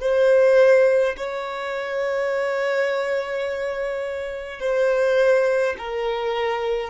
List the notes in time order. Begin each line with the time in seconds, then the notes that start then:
0.00 C5
1.16 C#5
4.60 C5
5.78 A#4